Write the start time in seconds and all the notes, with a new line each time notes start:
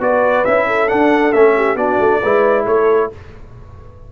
0.00 B3 F#4 B4 D5
0.45 C#4 E4 E5
0.67 A4
0.89 D4 F#5
1.32 A3 C#4 E5
1.57 G4
1.75 B3 D4 F#4 D5
1.99 A3
2.22 G#3 E4 B4
2.66 A3 A4 C#5